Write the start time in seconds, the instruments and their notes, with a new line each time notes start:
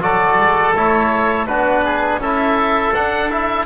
0.00 double bass F#3, trombone F#4, oboe A4 D5
0.38 double bass G#3
0.74 double bass A3, trombone E4, oboe C#5
1.47 double bass B3, trombone D4, oboe F#4 B4
1.84 oboe G#4
2.17 double bass C#4, trombone E4, oboe A4 E5
2.92 double bass D4, trombone D4, oboe F#5
3.30 trombone E4, oboe E5